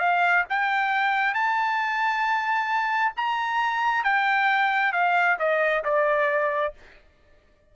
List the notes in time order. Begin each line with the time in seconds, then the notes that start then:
0.00 F5
0.50 G5
1.35 A5
3.17 A#5
4.04 G5
4.93 F5
5.40 D#5
5.85 D5